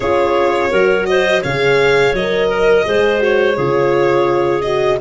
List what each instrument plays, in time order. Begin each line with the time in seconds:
0.00 tuba C#4, horn F4, clarinet G#4, violin C#5
0.71 tuba F#3, horn F#4, clarinet A#4
1.06 clarinet C5, violin D#5
1.42 tuba C#3, horn G#4, clarinet C#5, violin F5
2.12 tuba F#3, horn A#4, violin D#5
2.48 clarinet A#4
2.83 tuba G#3, horn G#4, clarinet C5
3.18 horn F#4, violin C#5
3.56 tuba C#3, horn F4, clarinet G#4
4.61 horn F#4, violin D#5